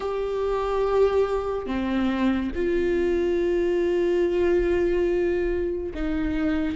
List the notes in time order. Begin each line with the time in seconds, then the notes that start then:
0.00 G4
1.66 C4
2.55 F4
5.94 D#4